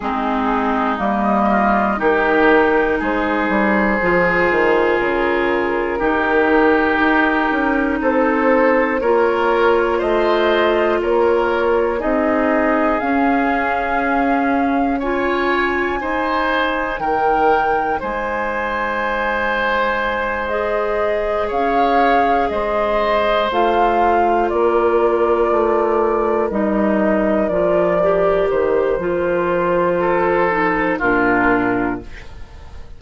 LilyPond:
<<
  \new Staff \with { instrumentName = "flute" } { \time 4/4 \tempo 4 = 60 gis'4 dis''4 ais'4 c''4~ | c''4 ais'2. | c''4 cis''4 dis''4 cis''4 | dis''4 f''2 gis''4~ |
gis''4 g''4 gis''2~ | gis''8 dis''4 f''4 dis''4 f''8~ | f''8 d''2 dis''4 d''8~ | d''8 c''2~ c''8 ais'4 | }
  \new Staff \with { instrumentName = "oboe" } { \time 4/4 dis'4. f'8 g'4 gis'4~ | gis'2 g'2 | a'4 ais'4 c''4 ais'4 | gis'2. cis''4 |
c''4 ais'4 c''2~ | c''4. cis''4 c''4.~ | c''8 ais'2.~ ais'8~ | ais'2 a'4 f'4 | }
  \new Staff \with { instrumentName = "clarinet" } { \time 4/4 c'4 ais4 dis'2 | f'2 dis'2~ | dis'4 f'2. | dis'4 cis'2 f'4 |
dis'1~ | dis'8 gis'2. f'8~ | f'2~ f'8 dis'4 f'8 | g'4 f'4. dis'8 d'4 | }
  \new Staff \with { instrumentName = "bassoon" } { \time 4/4 gis4 g4 dis4 gis8 g8 | f8 dis8 cis4 dis4 dis'8 cis'8 | c'4 ais4 a4 ais4 | c'4 cis'2. |
dis'4 dis4 gis2~ | gis4. cis'4 gis4 a8~ | a8 ais4 a4 g4 f8~ | f8 dis8 f2 ais,4 | }
>>